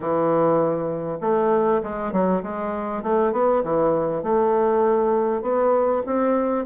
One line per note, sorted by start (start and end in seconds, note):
0.00 1.18 E3
1.20 1.81 A3
1.83 2.12 G#3
2.12 2.42 F#3
2.42 3.02 G#3
3.02 3.32 A3
3.32 3.63 B3
3.63 4.22 E3
4.22 5.41 A3
5.41 6.02 B3
6.06 6.65 C4